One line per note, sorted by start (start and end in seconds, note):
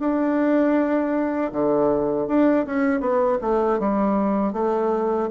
0.00 1.52 D4
1.53 2.28 D3
2.28 2.66 D4
2.67 3.01 C#4
3.01 3.39 B3
3.42 3.80 A3
3.80 4.53 G3
4.53 5.29 A3